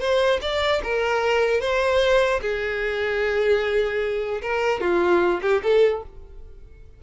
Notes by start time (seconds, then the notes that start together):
0.00 C5
0.42 D5
0.83 A#4
1.61 C5
2.42 G#4
4.42 A#4
4.81 F4
5.42 G4
5.63 A4